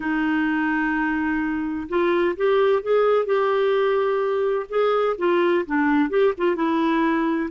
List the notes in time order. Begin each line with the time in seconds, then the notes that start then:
0.00 D#4
1.88 F4
2.36 G4
2.82 G#4
3.25 G4
4.69 G#4
5.18 F4
5.65 D4
6.09 G4
6.37 F4
6.55 E4